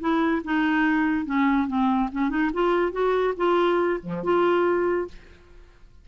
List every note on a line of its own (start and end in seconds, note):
0.00 0.42 E4
0.44 1.26 D#4
1.26 1.68 C#4
1.68 2.10 C4
2.12 2.30 C#4
2.30 2.51 D#4
2.53 2.92 F4
2.92 3.34 F#4
3.37 4.00 F4
4.03 4.24 F3
4.24 5.08 F4